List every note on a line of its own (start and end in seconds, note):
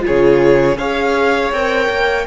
0.00 0.74 F4
0.06 0.77 C#3
0.06 0.78 G#4
0.06 0.78 C#5
0.77 1.51 C#4
0.77 1.53 G#4
0.77 2.26 C#5
0.77 1.52 F5
1.52 1.89 C4
1.52 2.27 A#4
1.52 2.27 G5
1.89 2.26 A#3